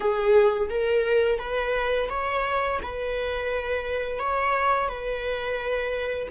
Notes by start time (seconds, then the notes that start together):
0.00 G#4
0.69 A#4
1.39 B4
2.09 C#5
2.82 B4
4.19 C#5
4.88 B4